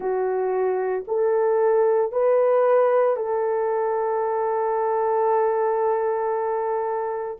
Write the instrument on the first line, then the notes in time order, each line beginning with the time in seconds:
horn
0.00 F#4
1.07 A4
2.11 B4
3.16 A4